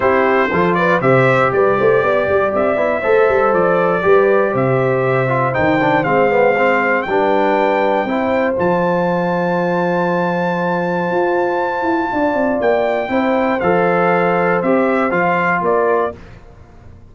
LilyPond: <<
  \new Staff \with { instrumentName = "trumpet" } { \time 4/4 \tempo 4 = 119 c''4. d''8 e''4 d''4~ | d''4 e''2 d''4~ | d''4 e''2 g''4 | f''2 g''2~ |
g''4 a''2.~ | a''1~ | a''4 g''2 f''4~ | f''4 e''4 f''4 d''4 | }
  \new Staff \with { instrumentName = "horn" } { \time 4/4 g'4 a'8 b'8 c''4 b'8 c''8 | d''2 c''2 | b'4 c''2.~ | c''2 b'2 |
c''1~ | c''1 | d''2 c''2~ | c''2. ais'4 | }
  \new Staff \with { instrumentName = "trombone" } { \time 4/4 e'4 f'4 g'2~ | g'4. e'8 a'2 | g'2~ g'8 f'8 dis'8 d'8 | c'8 b8 c'4 d'2 |
e'4 f'2.~ | f'1~ | f'2 e'4 a'4~ | a'4 g'4 f'2 | }
  \new Staff \with { instrumentName = "tuba" } { \time 4/4 c'4 f4 c4 g8 a8 | b8 g8 c'8 b8 a8 g8 f4 | g4 c2 dis4 | gis2 g2 |
c'4 f2.~ | f2 f'4. e'8 | d'8 c'8 ais4 c'4 f4~ | f4 c'4 f4 ais4 | }
>>